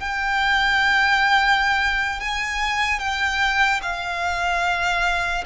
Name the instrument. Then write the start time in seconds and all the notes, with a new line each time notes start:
violin
0.00 G5
2.20 G#5
2.99 G5
3.82 F5